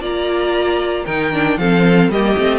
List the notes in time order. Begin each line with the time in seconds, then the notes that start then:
0.00 A#3 F4 D5 A#5
1.04 D#3 D#4 A#4 G5
1.33 D4
1.58 F3 C4 A4 F5
2.09 G3 A#3 G4 D#5
2.37 A3 C4